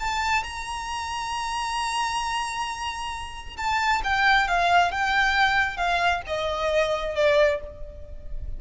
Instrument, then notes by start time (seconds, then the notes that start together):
violin
0.00 A5
0.43 A#5
3.57 A5
4.04 G5
4.48 F5
4.92 G5
5.77 F5
6.27 D#5
7.16 D5